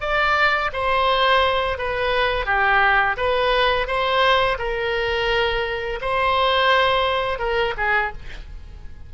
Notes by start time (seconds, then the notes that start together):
0.00 D5
0.73 C5
1.78 B4
2.45 G4
3.16 B4
3.87 C5
4.58 A#4
6.01 C5
7.38 A#4
7.77 G#4